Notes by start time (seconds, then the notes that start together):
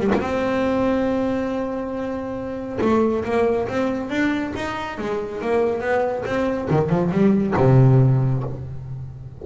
0.00 G3
0.14 A#3
0.20 C4
2.81 A3
3.25 A#3
3.68 C4
4.10 D4
4.56 D#4
4.99 G#3
5.42 A#3
5.81 B3
6.26 C4
6.70 D#3
6.90 F3
7.11 G3
7.57 C3